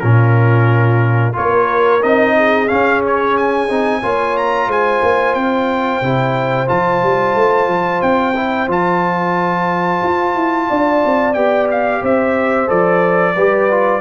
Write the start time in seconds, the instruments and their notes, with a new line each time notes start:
0.00 tuba A#2, trombone C#4, horn F4, trumpet A#4
1.33 tuba A#3, trombone F4, horn A#4, trumpet C#5
2.02 tuba C4, trombone D#4, trumpet D#5
2.37 horn G#4
2.68 trombone C#4, tuba C#4, trumpet F5
3.07 trumpet C#5
3.37 trumpet G#5
3.68 tuba C4, trombone D#4
4.01 tuba A#3, trombone F4, horn C#5
4.37 trumpet A#5
4.67 tuba G#3, horn C5, trumpet G#5
5.02 tuba A#3
5.34 tuba C4, trumpet G5
6.01 tuba C3, trombone E4
6.67 tuba F3, trombone F4, trumpet A5
7.03 tuba G3
7.35 tuba A3
7.68 tuba F3
8.02 tuba C4, trumpet G5
8.35 trombone E4
8.67 tuba F3, trombone F4, trumpet A5
10.03 tuba F4
10.35 tuba E4
10.69 tuba D4, horn D5
11.05 tuba C4
11.34 tuba B3, trombone G4, trumpet G5
11.71 trumpet F5
12.02 tuba C4, horn C5, trumpet E5
12.67 tuba F3, trombone A4, trumpet D5
13.35 tuba G3, trombone G4, horn B4
13.71 trombone F4